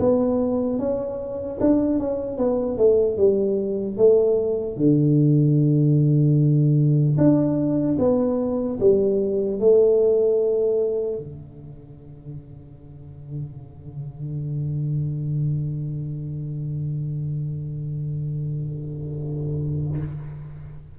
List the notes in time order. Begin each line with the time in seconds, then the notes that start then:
0.00 B3
0.79 C#4
1.61 D4
1.99 C#4
2.37 B3
2.78 A3
3.17 G3
3.97 A3
4.77 D3
7.18 D4
7.99 B3
8.80 G3
9.60 A3
11.19 D3